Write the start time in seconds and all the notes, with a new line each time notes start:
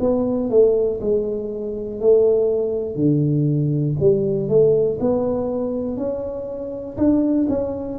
0.00 B3
0.50 A3
1.01 G#3
2.00 A3
2.95 D3
4.00 G3
4.49 A3
5.00 B3
5.97 C#4
6.98 D4
7.49 C#4